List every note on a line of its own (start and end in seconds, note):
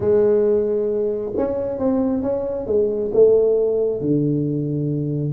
0.00 1.33 G#3
1.36 1.78 C#4
1.78 2.22 C4
2.22 2.66 C#4
2.66 3.11 G#3
3.13 4.00 A3
4.00 5.33 D3